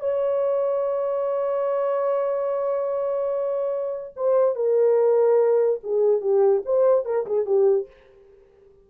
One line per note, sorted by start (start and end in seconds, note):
0.00 4.14 C#5
4.16 4.56 C5
4.56 5.80 A#4
5.83 6.21 G#4
6.21 6.62 G4
6.65 7.05 C5
7.05 7.26 A#4
7.26 7.46 G#4
7.46 7.87 G4